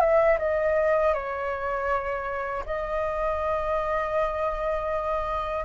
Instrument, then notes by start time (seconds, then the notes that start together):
flute
0.00 E5
0.39 D#5
1.14 C#5
2.66 D#5